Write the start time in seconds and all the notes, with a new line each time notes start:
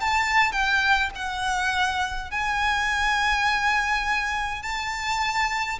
0.00 A5
0.51 G5
1.15 F#5
2.31 G#5
4.62 A5